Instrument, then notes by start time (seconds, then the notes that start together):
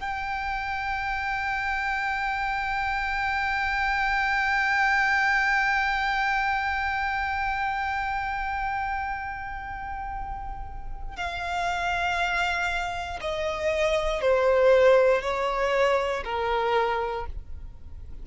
violin
0.00 G5
11.16 F5
13.21 D#5
14.21 C5
15.21 C#5
16.24 A#4